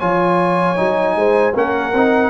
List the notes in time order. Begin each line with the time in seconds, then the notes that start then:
0.00 F3 F4 C#5 G#5
0.76 F#3 D#4
1.16 G#3 C5
1.54 A#3 C#4 A#4 F#5
1.94 C4 D#4